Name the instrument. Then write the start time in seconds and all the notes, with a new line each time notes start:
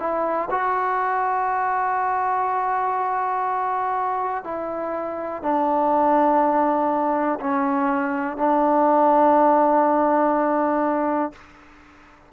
trombone
0.00 E4
0.51 F#4
4.44 E4
5.43 D4
7.41 C#4
8.38 D4